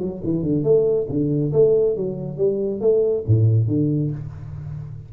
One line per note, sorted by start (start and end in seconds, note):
0.00 0.22 F#3
0.24 0.43 E3
0.43 0.64 D3
0.64 1.07 A3
1.09 1.53 D3
1.53 1.96 A3
1.96 2.38 F#3
2.38 2.81 G3
2.81 3.25 A3
3.27 3.68 A2
3.68 4.11 D3